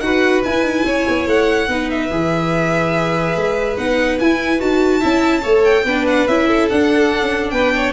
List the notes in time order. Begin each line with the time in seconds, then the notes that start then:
0.00 D#4 F#4 B4 F#5
0.44 E4 G#5
0.63 D#4
0.84 C#4 C#5
1.09 B3
1.27 A3 F#5
1.68 B3 D#4 B4
1.91 E5
2.11 E3 G#4
3.36 G#3
3.77 B3 D#4 F#5
4.19 E4 G#5
4.60 D#4 F#4 A5
5.00 C#4 E4 E5
5.42 A3 A4 C#5
5.64 G5
5.85 B3 D4 B4
6.07 F#5
6.27 C#4 E4 E5
6.48 A4
6.70 D4 F#5
7.21 C#4
7.51 B3 B4 G5
7.76 C#5